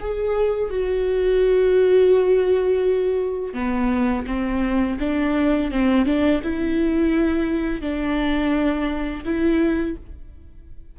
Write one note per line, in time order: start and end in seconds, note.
0.00 0.70 G#4
0.70 3.54 F#4
3.54 4.25 B3
4.27 4.98 C4
5.00 5.71 D4
5.72 6.06 C4
6.06 6.42 D4
6.43 7.81 E4
7.81 9.24 D4
9.25 9.96 E4